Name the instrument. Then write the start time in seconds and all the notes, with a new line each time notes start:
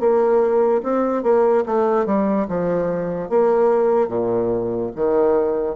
bassoon
0.00 A#3
0.83 C4
1.23 A#3
1.66 A3
2.06 G3
2.48 F3
3.30 A#3
4.09 A#2
4.96 D#3